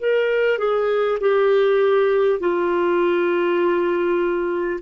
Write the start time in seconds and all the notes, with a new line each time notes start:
0.00 A#4
0.58 G#4
1.21 G4
2.40 F4